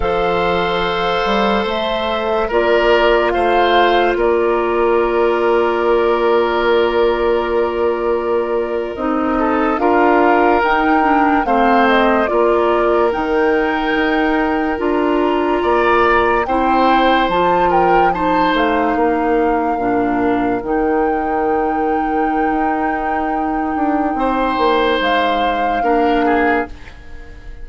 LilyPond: <<
  \new Staff \with { instrumentName = "flute" } { \time 4/4 \tempo 4 = 72 f''2 e''4 d''4 | f''4 d''2.~ | d''2~ d''8. dis''4 f''16~ | f''8. g''4 f''8 dis''8 d''4 g''16~ |
g''4.~ g''16 ais''2 g''16~ | g''8. a''8 g''8 a''8 f''4.~ f''16~ | f''8. g''2.~ g''16~ | g''2 f''2 | }
  \new Staff \with { instrumentName = "oboe" } { \time 4/4 c''2. ais'4 | c''4 ais'2.~ | ais'2.~ ais'16 a'8 ais'16~ | ais'4.~ ais'16 c''4 ais'4~ ais'16~ |
ais'2~ ais'8. d''4 c''16~ | c''4~ c''16 ais'8 c''4 ais'4~ ais'16~ | ais'1~ | ais'4 c''2 ais'8 gis'8 | }
  \new Staff \with { instrumentName = "clarinet" } { \time 4/4 a'2. f'4~ | f'1~ | f'2~ f'8. dis'4 f'16~ | f'8. dis'8 d'8 c'4 f'4 dis'16~ |
dis'4.~ dis'16 f'2 e'16~ | e'8. f'4 dis'2 d'16~ | d'8. dis'2.~ dis'16~ | dis'2. d'4 | }
  \new Staff \with { instrumentName = "bassoon" } { \time 4/4 f4. g8 a4 ais4 | a4 ais2.~ | ais2~ ais8. c'4 d'16~ | d'8. dis'4 a4 ais4 dis16~ |
dis8. dis'4 d'4 ais4 c'16~ | c'8. f4. a8 ais4 ais,16~ | ais,8. dis2~ dis16 dis'4~ | dis'8 d'8 c'8 ais8 gis4 ais4 | }
>>